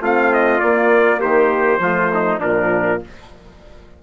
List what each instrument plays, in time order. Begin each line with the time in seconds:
0.00 bassoon A3, horn C4, trumpet F4 F5
0.33 trumpet D#5
0.60 horn A#3, bassoon A#3, trumpet D5
1.20 bassoon D#3, trumpet G4 C5
1.79 bassoon F3, horn A3, trumpet F4
2.14 trumpet D#4
2.40 bassoon A#2, horn F3, trumpet D4 A#4